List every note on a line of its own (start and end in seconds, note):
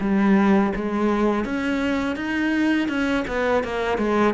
0.00 0.72 G3
0.75 1.44 G#3
1.44 2.16 C#4
2.16 2.88 D#4
2.88 3.24 C#4
3.27 3.63 B3
3.63 3.98 A#3
3.98 4.34 G#3